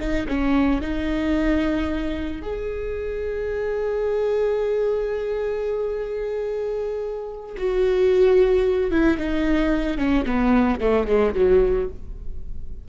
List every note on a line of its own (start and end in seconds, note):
0.00 0.27 D#4
0.28 0.81 C#4
0.81 2.42 D#4
2.42 7.56 G#4
7.57 8.91 F#4
8.91 9.17 E4
9.17 9.98 D#4
9.98 10.25 C#4
10.26 10.80 B3
10.80 11.07 A3
11.07 11.34 G#3
11.35 11.89 F#3